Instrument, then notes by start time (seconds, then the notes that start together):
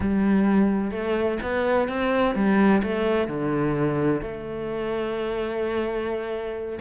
cello
0.00 G3
0.91 A3
1.42 B3
1.88 C4
2.35 G3
2.82 A3
3.27 D3
4.21 A3